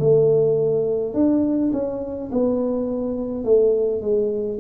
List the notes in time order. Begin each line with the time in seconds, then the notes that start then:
0.00 A3
1.14 D4
1.73 C#4
2.32 B3
3.45 A3
4.02 G#3